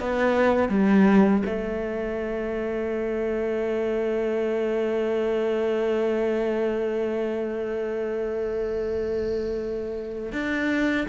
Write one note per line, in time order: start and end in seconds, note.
0.00 0.69 B3
0.69 1.43 G3
1.46 10.33 A3
10.33 11.07 D4